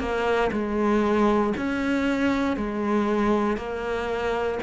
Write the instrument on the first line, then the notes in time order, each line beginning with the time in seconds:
cello
0.00 A#3
0.52 G#3
1.58 C#4
2.57 G#3
3.57 A#3